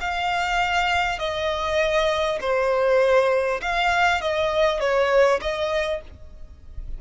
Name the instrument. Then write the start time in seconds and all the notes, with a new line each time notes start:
violin
0.00 F5
1.18 D#5
2.40 C5
3.61 F5
4.21 D#5
4.80 C#5
5.41 D#5